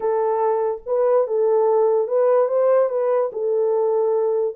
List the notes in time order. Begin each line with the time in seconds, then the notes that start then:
0.00 A4
0.86 B4
1.27 A4
2.07 B4
2.48 C5
2.89 B4
3.32 A4